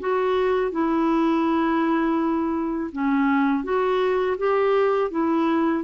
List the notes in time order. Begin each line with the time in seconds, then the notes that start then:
0.00 F#4
0.72 E4
2.92 C#4
3.64 F#4
4.38 G4
5.11 E4